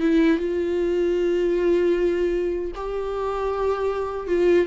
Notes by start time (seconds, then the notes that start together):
0.00 E4
0.38 F4
2.75 G4
4.27 F4